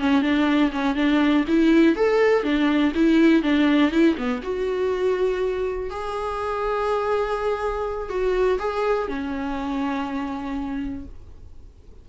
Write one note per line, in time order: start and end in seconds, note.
0.00 0.22 C#4
0.22 0.71 D4
0.73 0.95 C#4
0.95 1.45 D4
1.48 1.96 E4
1.96 2.44 A4
2.44 2.93 D4
2.95 3.43 E4
3.43 3.91 D4
3.91 4.16 E4
4.18 4.42 B3
4.43 5.90 F#4
5.90 8.10 G#4
8.10 8.59 F#4
8.59 9.08 G#4
9.09 11.05 C#4